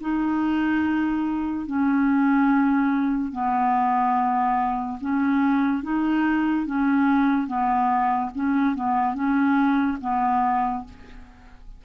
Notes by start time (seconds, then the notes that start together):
0.00 D#4
1.66 C#4
3.32 B3
5.01 C#4
5.83 D#4
6.66 C#4
7.47 B3
8.35 C#4
8.75 B3
9.14 C#4
10.01 B3